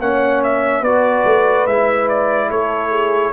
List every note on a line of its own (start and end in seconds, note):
0.00 0.82 A#3
0.00 0.85 C#4
0.00 0.81 C#5
0.00 0.43 F#5
0.44 0.84 E5
0.81 1.24 B3
0.81 1.68 F#4
0.81 2.48 B4
0.81 1.67 D5
1.25 1.67 A3
1.67 2.50 G#3
1.67 3.33 E4
1.67 2.09 E5
2.09 2.50 D5
2.50 3.33 A3
2.50 2.90 A4
2.50 3.33 C#5
2.90 3.32 G#4